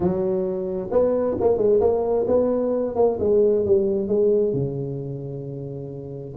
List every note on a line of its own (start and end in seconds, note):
0.00 0.89 F#3
0.91 1.36 B3
1.40 1.57 A#3
1.57 1.80 G#3
1.80 2.26 A#3
2.27 2.95 B3
2.95 3.18 A#3
3.19 3.65 G#3
3.65 4.08 G3
4.08 4.53 G#3
4.53 6.35 C#3